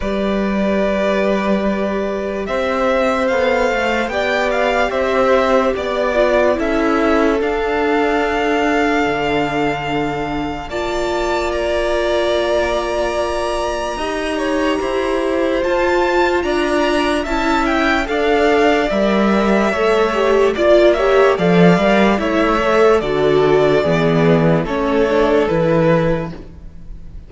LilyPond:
<<
  \new Staff \with { instrumentName = "violin" } { \time 4/4 \tempo 4 = 73 d''2. e''4 | f''4 g''8 f''8 e''4 d''4 | e''4 f''2.~ | f''4 a''4 ais''2~ |
ais''2. a''4 | ais''4 a''8 g''8 f''4 e''4~ | e''4 d''8 e''8 f''4 e''4 | d''2 cis''4 b'4 | }
  \new Staff \with { instrumentName = "violin" } { \time 4/4 b'2. c''4~ | c''4 d''4 c''4 d''4 | a'1~ | a'4 d''2.~ |
d''4 dis''8 cis''8 c''2 | d''4 e''4 d''2 | cis''4 d''8 cis''8 d''4 cis''4 | a'4 gis'4 a'2 | }
  \new Staff \with { instrumentName = "viola" } { \time 4/4 g'1 | a'4 g'2~ g'8 f'8 | e'4 d'2.~ | d'4 f'2.~ |
f'4 g'2 f'4~ | f'4 e'4 a'4 ais'4 | a'8 g'8 f'8 g'8 a'8 ais'8 e'8 a'8 | fis'4 b4 cis'8 d'8 e'4 | }
  \new Staff \with { instrumentName = "cello" } { \time 4/4 g2. c'4 | b8 a8 b4 c'4 b4 | cis'4 d'2 d4~ | d4 ais2.~ |
ais4 dis'4 e'4 f'4 | d'4 cis'4 d'4 g4 | a4 ais4 f8 g8 a4 | d4 e4 a4 e4 | }
>>